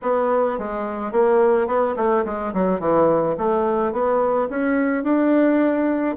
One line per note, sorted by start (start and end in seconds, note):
0.02 0.58 B3
0.58 1.12 G#3
1.12 1.67 A#3
1.67 1.95 B3
1.96 2.24 A3
2.25 2.53 G#3
2.53 2.80 F#3
2.80 3.36 E3
3.37 3.92 A3
3.92 4.48 B3
4.49 5.03 C#4
5.03 6.16 D4